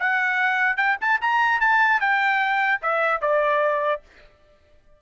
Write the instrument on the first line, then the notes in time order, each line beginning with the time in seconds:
trumpet
0.00 F#5
0.77 G5
1.01 A5
1.22 A#5
1.61 A5
2.01 G5
2.83 E5
3.22 D5